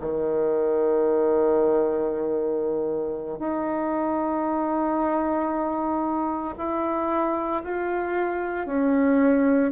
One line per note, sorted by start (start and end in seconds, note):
0.00 3.39 D#3
3.39 6.55 D#4
6.57 7.63 E4
7.63 8.66 F4
8.66 9.71 C#4